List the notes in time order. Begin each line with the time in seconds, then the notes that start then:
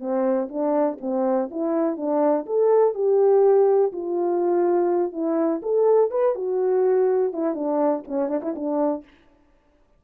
0.00 C4
0.49 D4
1.01 C4
1.51 E4
1.97 D4
2.47 A4
2.95 G4
3.93 F4
5.13 E4
5.63 A4
6.11 B4
6.35 F#4
7.33 E4
7.55 D4
8.08 C#4
8.29 D4
8.43 E4
8.56 D4